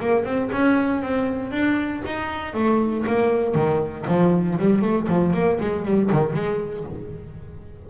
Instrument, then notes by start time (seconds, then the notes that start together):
double bass
0.00 A#3
0.24 C4
0.52 C#4
1.02 C4
1.51 D4
2.05 D#4
2.54 A3
3.06 A#3
3.54 D#3
4.07 F3
4.58 G3
4.81 A3
5.08 F3
5.33 A#3
5.60 G#3
5.85 G3
6.12 D#3
6.33 G#3